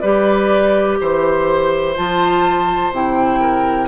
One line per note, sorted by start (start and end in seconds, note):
0.00 1.00 G3
0.00 1.96 G4
0.00 0.98 B4
0.00 0.97 D5
1.00 1.97 E3
1.00 3.40 C5
1.00 1.96 C5
1.96 2.92 F3
1.96 2.93 F4
1.96 2.93 A5
2.92 3.88 C3
2.92 3.88 E4
2.92 3.88 G5
3.40 3.88 A#4